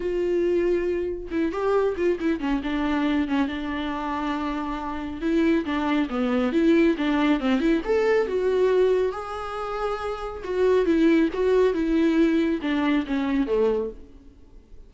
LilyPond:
\new Staff \with { instrumentName = "viola" } { \time 4/4 \tempo 4 = 138 f'2. e'8 g'8~ | g'8 f'8 e'8 cis'8 d'4. cis'8 | d'1 | e'4 d'4 b4 e'4 |
d'4 c'8 e'8 a'4 fis'4~ | fis'4 gis'2. | fis'4 e'4 fis'4 e'4~ | e'4 d'4 cis'4 a4 | }